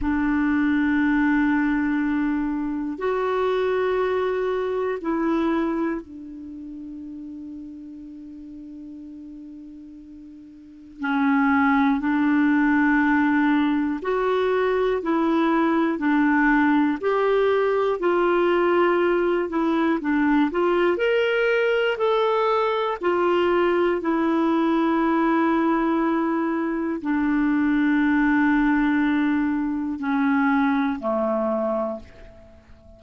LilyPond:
\new Staff \with { instrumentName = "clarinet" } { \time 4/4 \tempo 4 = 60 d'2. fis'4~ | fis'4 e'4 d'2~ | d'2. cis'4 | d'2 fis'4 e'4 |
d'4 g'4 f'4. e'8 | d'8 f'8 ais'4 a'4 f'4 | e'2. d'4~ | d'2 cis'4 a4 | }